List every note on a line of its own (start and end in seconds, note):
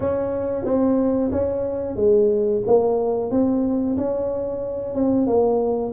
0.00 0.64 C#4
0.64 1.30 C4
1.31 1.96 C#4
1.96 2.62 G#3
2.66 3.30 A#3
3.30 3.96 C4
3.97 4.95 C#4
4.95 5.26 C4
5.26 5.92 A#3